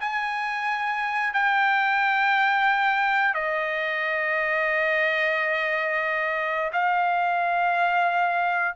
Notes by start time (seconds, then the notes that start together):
0.00 G#5
1.33 G5
3.34 D#5
6.72 F5